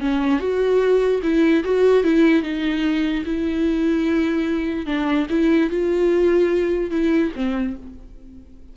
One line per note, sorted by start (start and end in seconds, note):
0.00 0.40 C#4
0.40 1.21 F#4
1.22 1.63 E4
1.64 2.03 F#4
2.03 2.42 E4
2.42 3.24 D#4
3.25 4.86 E4
4.86 5.27 D4
5.29 5.70 E4
5.70 6.91 F4
6.91 7.31 E4
7.35 7.76 C4